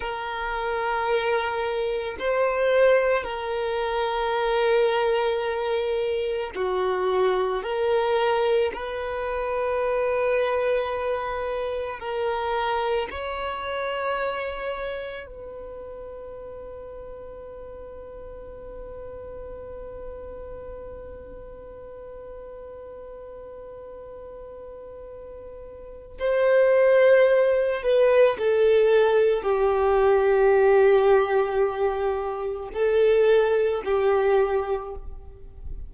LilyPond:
\new Staff \with { instrumentName = "violin" } { \time 4/4 \tempo 4 = 55 ais'2 c''4 ais'4~ | ais'2 fis'4 ais'4 | b'2. ais'4 | cis''2 b'2~ |
b'1~ | b'1 | c''4. b'8 a'4 g'4~ | g'2 a'4 g'4 | }